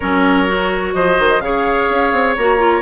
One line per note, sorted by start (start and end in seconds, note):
0.00 0.94 F#3
0.00 0.47 C#4
0.00 0.94 A#4
0.00 0.94 C#5
0.47 1.41 F#4
0.94 1.18 F3
0.94 1.42 C5
0.94 1.40 D#5
1.18 1.39 D#3
1.39 1.87 C#3
1.39 2.37 G#4
1.39 2.82 C#5
1.39 2.35 F5
1.89 2.12 C#4
2.12 2.36 C4
2.37 2.82 A#3
2.37 2.57 F#4
2.37 2.82 A#5
2.57 2.81 F4